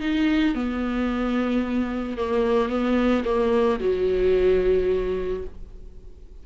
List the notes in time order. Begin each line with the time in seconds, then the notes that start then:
0.00 D#4
0.54 B3
2.17 A#3
2.69 B3
3.25 A#3
3.80 F#3